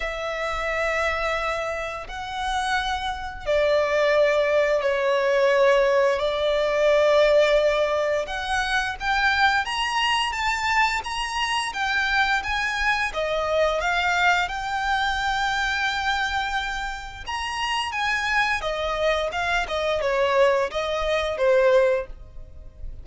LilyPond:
\new Staff \with { instrumentName = "violin" } { \time 4/4 \tempo 4 = 87 e''2. fis''4~ | fis''4 d''2 cis''4~ | cis''4 d''2. | fis''4 g''4 ais''4 a''4 |
ais''4 g''4 gis''4 dis''4 | f''4 g''2.~ | g''4 ais''4 gis''4 dis''4 | f''8 dis''8 cis''4 dis''4 c''4 | }